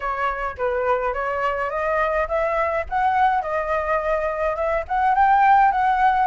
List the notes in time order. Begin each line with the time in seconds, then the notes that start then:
0.00 C#5
0.57 B4
1.13 C#5
1.70 D#5
2.28 E5
2.89 F#5
3.41 D#5
4.56 E5
4.88 F#5
5.14 G5
5.71 F#5